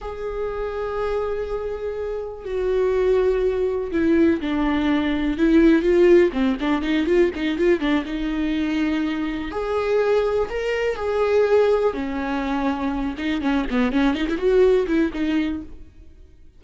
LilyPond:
\new Staff \with { instrumentName = "viola" } { \time 4/4 \tempo 4 = 123 gis'1~ | gis'4 fis'2. | e'4 d'2 e'4 | f'4 c'8 d'8 dis'8 f'8 dis'8 f'8 |
d'8 dis'2. gis'8~ | gis'4. ais'4 gis'4.~ | gis'8 cis'2~ cis'8 dis'8 cis'8 | b8 cis'8 dis'16 e'16 fis'4 e'8 dis'4 | }